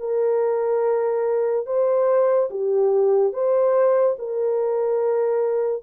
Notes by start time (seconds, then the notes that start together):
0.00 A#4
1.66 C5
2.51 G4
3.33 C5
4.19 A#4